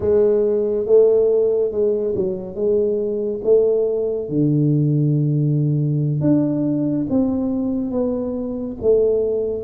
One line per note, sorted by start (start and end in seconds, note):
0.00 0.86 G#3
0.86 1.71 A3
1.71 2.14 G#3
2.15 2.55 F#3
2.55 3.41 G#3
3.44 4.28 A3
4.28 6.21 D3
6.21 7.06 D4
7.09 7.91 C4
7.91 8.77 B3
8.81 9.64 A3